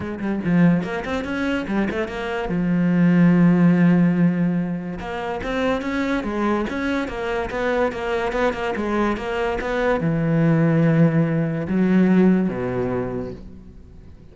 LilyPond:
\new Staff \with { instrumentName = "cello" } { \time 4/4 \tempo 4 = 144 gis8 g8 f4 ais8 c'8 cis'4 | g8 a8 ais4 f2~ | f1 | ais4 c'4 cis'4 gis4 |
cis'4 ais4 b4 ais4 | b8 ais8 gis4 ais4 b4 | e1 | fis2 b,2 | }